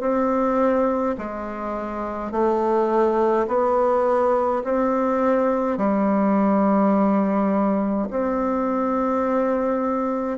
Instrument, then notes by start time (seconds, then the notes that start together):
bassoon
0.00 C4
1.18 G#3
2.31 A3
3.47 B3
4.64 C4
5.77 G3
8.10 C4